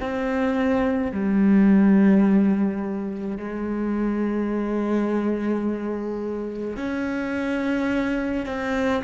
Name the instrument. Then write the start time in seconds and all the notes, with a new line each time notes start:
cello
0.00 C4
1.12 G3
3.38 G#3
6.77 C#4
8.46 C4